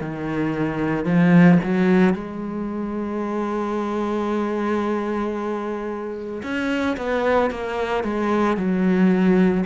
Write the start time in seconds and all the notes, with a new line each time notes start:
0.00 D#3
1.05 F3
1.63 F#3
2.13 G#3
6.43 C#4
6.97 B3
7.50 A#3
8.04 G#3
8.57 F#3